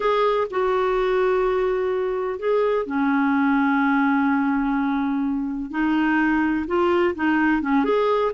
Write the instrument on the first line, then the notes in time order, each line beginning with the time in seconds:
clarinet
0.00 G#4
0.50 F#4
2.39 G#4
2.86 C#4
5.71 D#4
6.67 F4
7.15 D#4
7.61 C#4
7.84 G#4